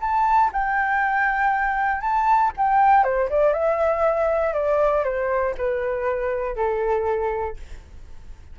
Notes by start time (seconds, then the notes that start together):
0.00 A5
0.52 G5
2.01 A5
2.56 G5
3.03 C5
3.29 D5
3.53 E5
4.53 D5
5.04 C5
5.57 B4
6.56 A4